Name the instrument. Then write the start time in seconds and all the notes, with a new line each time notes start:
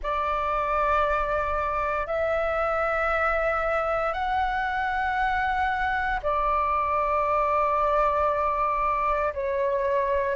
flute
0.02 D5
2.06 E5
4.13 F#5
6.23 D5
9.33 C#5